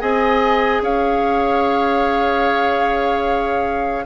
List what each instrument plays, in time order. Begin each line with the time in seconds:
0.00 bassoon C4, clarinet G#4, oboe D#5, flute G#5
0.81 bassoon C#4, oboe C#5, flute F5